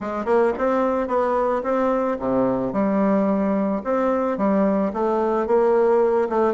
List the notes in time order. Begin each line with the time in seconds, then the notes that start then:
0.00 G#3
0.25 A#3
0.58 C4
1.07 B3
1.63 C4
2.19 C3
2.72 G3
3.84 C4
4.37 G3
4.93 A3
5.46 A#3
6.29 A3